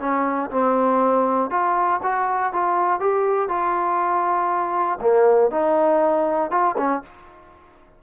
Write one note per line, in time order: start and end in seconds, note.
0.00 0.50 C#4
0.50 1.50 C4
1.50 2.00 F4
2.03 2.53 F#4
2.53 3.00 F4
3.00 3.49 G4
3.49 4.99 F4
5.01 5.51 A#3
5.51 6.51 D#4
6.51 6.76 F4
6.77 7.02 C#4